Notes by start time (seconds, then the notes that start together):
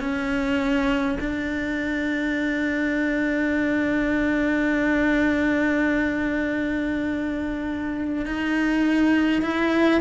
0.00 C#4
1.20 D4
8.26 D#4
9.42 E4